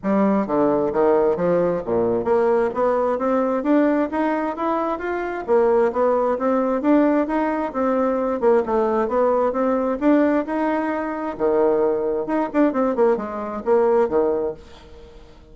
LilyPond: \new Staff \with { instrumentName = "bassoon" } { \time 4/4 \tempo 4 = 132 g4 d4 dis4 f4 | ais,4 ais4 b4 c'4 | d'4 dis'4 e'4 f'4 | ais4 b4 c'4 d'4 |
dis'4 c'4. ais8 a4 | b4 c'4 d'4 dis'4~ | dis'4 dis2 dis'8 d'8 | c'8 ais8 gis4 ais4 dis4 | }